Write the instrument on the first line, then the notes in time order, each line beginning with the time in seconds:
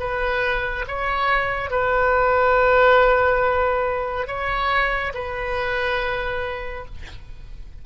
oboe
0.00 B4
0.88 C#5
1.71 B4
4.27 C#5
5.14 B4